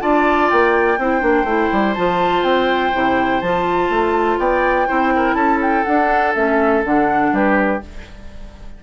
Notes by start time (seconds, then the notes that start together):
0.00 D4 F4 D5 A5
0.50 A#3 G5
0.98 C4 E4 C5
1.21 A#3 D4
1.44 A3 E4
1.73 G3
1.95 F3 F4 A5
2.43 C4 G5
2.93 C3 E4
3.41 F3 F4 A5
3.90 A3
4.39 B3 D5 G5
4.87 C4 E4 C5
5.16 A#4
5.34 C#4 A4 A5
5.62 G5
5.84 D4 F#5
6.35 A3 C#4 E5
6.84 D3 D4 F#5
7.33 G3 G4 B4